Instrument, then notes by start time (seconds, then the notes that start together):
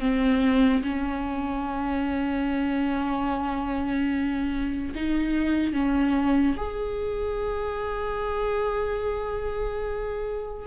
viola
0.00 C4
0.83 C#4
4.95 D#4
5.73 C#4
6.57 G#4